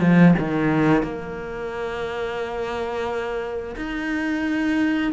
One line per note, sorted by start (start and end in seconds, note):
0.00 0.34 F3
0.38 1.03 D#3
1.03 3.75 A#3
3.76 5.12 D#4